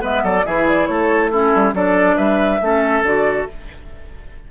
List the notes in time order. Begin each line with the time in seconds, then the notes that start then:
0.00 G#3 B3 B4 E5
0.23 F#3 A4 D5
0.46 E3 E4 G#4 E5
0.68 D5
0.86 A3 A4 C#5
1.31 C#4 E4 A4
1.55 G3
1.74 F#3 D4 A4 D5
2.17 G3 B4 E5
2.61 A3 C#4 A4
3.03 D3 F#4 D5